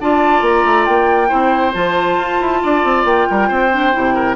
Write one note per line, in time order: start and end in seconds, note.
0.00 0.41 D4
0.00 1.28 F4
0.00 1.28 D5
0.00 0.44 A5
0.41 0.63 A#3
0.41 0.85 A#5
0.65 0.87 A3
0.85 1.31 A#3
0.85 1.73 G5
1.28 1.74 C4
1.28 1.71 E4
1.28 2.60 C5
1.73 2.17 F3
1.73 3.70 F4
1.73 3.05 A5
2.17 2.39 F4
2.41 2.62 E4
2.63 2.84 D4
2.63 3.28 D5
2.84 3.04 C4
3.04 3.26 A#3
3.04 4.36 G5
3.30 3.50 G3
3.30 3.48 A#4
3.48 3.94 C4
3.48 4.14 C5
3.71 3.93 D4
3.93 4.36 C3
3.93 4.36 E4
4.14 4.36 A#4